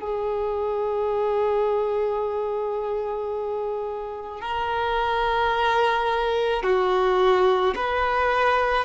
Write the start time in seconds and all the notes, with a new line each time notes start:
0.00 G#4
4.41 A#4
6.64 F#4
7.76 B4